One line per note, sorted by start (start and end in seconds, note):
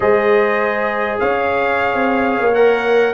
0.00 1.20 G#3
0.00 2.53 G#4
0.00 1.20 C5
0.00 1.19 D#5
1.19 1.94 C#4
1.19 3.13 C#5
1.19 2.54 F5
1.94 2.39 C4
2.39 3.13 A#3
2.54 3.13 A#4
2.54 3.13 F#5